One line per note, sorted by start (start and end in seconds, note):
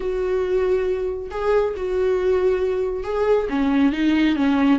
0.00 1.29 F#4
1.30 1.74 G#4
1.76 3.03 F#4
3.03 3.47 G#4
3.49 3.92 C#4
3.92 4.35 D#4
4.36 4.79 C#4